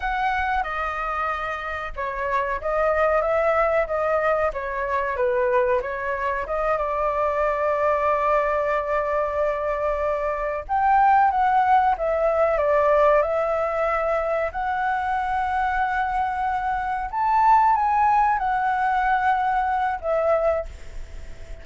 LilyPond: \new Staff \with { instrumentName = "flute" } { \time 4/4 \tempo 4 = 93 fis''4 dis''2 cis''4 | dis''4 e''4 dis''4 cis''4 | b'4 cis''4 dis''8 d''4.~ | d''1~ |
d''8 g''4 fis''4 e''4 d''8~ | d''8 e''2 fis''4.~ | fis''2~ fis''8 a''4 gis''8~ | gis''8 fis''2~ fis''8 e''4 | }